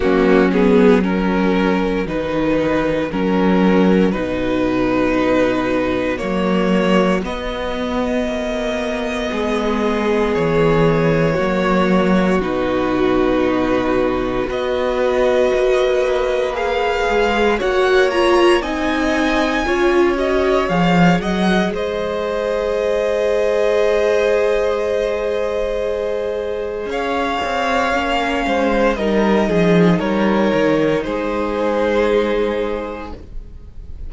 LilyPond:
<<
  \new Staff \with { instrumentName = "violin" } { \time 4/4 \tempo 4 = 58 fis'8 gis'8 ais'4 b'4 ais'4 | b'2 cis''4 dis''4~ | dis''2 cis''2 | b'2 dis''2 |
f''4 fis''8 ais''8 gis''4. dis''8 | f''8 fis''8 dis''2.~ | dis''2 f''2 | dis''4 cis''4 c''2 | }
  \new Staff \with { instrumentName = "violin" } { \time 4/4 cis'4 fis'2.~ | fis'1~ | fis'4 gis'2 fis'4~ | fis'2 b'2~ |
b'4 cis''4 dis''4 cis''4~ | cis''8 dis''8 c''2.~ | c''2 cis''4. c''8 | ais'8 gis'8 ais'4 gis'2 | }
  \new Staff \with { instrumentName = "viola" } { \time 4/4 ais8 b8 cis'4 dis'4 cis'4 | dis'2 ais4 b4~ | b2. ais4 | dis'2 fis'2 |
gis'4 fis'8 f'8 dis'4 f'8 fis'8 | gis'1~ | gis'2. cis'4 | dis'1 | }
  \new Staff \with { instrumentName = "cello" } { \time 4/4 fis2 dis4 fis4 | b,2 fis4 b4 | ais4 gis4 e4 fis4 | b,2 b4 ais4~ |
ais8 gis8 ais4 c'4 cis'4 | f8 fis8 gis2.~ | gis2 cis'8 c'8 ais8 gis8 | g8 f8 g8 dis8 gis2 | }
>>